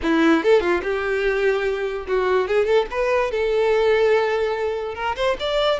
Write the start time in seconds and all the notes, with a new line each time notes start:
0.02 E4
0.43 A4
0.60 F4
0.82 G4
2.07 F#4
2.47 G#4
2.65 A4
2.90 B4
3.31 A4
4.94 A#4
5.16 C5
5.39 D5